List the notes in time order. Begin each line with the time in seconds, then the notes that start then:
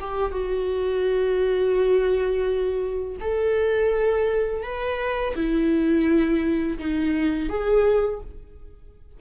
0.00 G4
0.31 F#4
3.20 A4
4.63 B4
5.35 E4
6.78 D#4
7.49 G#4